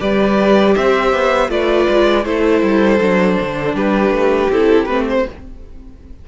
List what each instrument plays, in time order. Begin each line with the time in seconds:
0.00 cello G3, viola G4, violin B4 D5
0.76 cello C4, violin C5 E5
1.13 cello B3
1.49 cello A3, viola F4, violin B4 D5
1.89 cello G#3
2.25 cello A3, viola E4, violin A4 C5
2.63 cello G3
3.01 cello F#3, viola D4
3.41 cello D3
3.75 cello G3, violin G4 B4
4.11 cello A3
4.50 cello C4, viola E4, violin A4
4.86 cello A3, viola C4, violin B4
5.10 violin C5